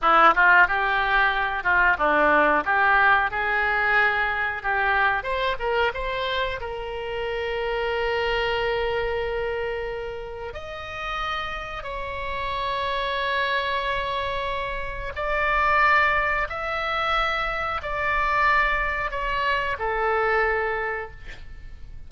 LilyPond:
\new Staff \with { instrumentName = "oboe" } { \time 4/4 \tempo 4 = 91 e'8 f'8 g'4. f'8 d'4 | g'4 gis'2 g'4 | c''8 ais'8 c''4 ais'2~ | ais'1 |
dis''2 cis''2~ | cis''2. d''4~ | d''4 e''2 d''4~ | d''4 cis''4 a'2 | }